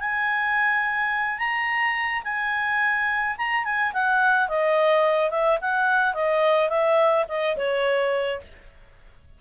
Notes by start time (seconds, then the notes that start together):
0.00 G#5
1.39 A#5
2.24 G#5
3.38 A#5
3.64 G#5
3.93 F#5
4.49 D#5
5.30 E5
5.61 F#5
6.14 D#5
6.69 E5
7.28 D#5
7.57 C#5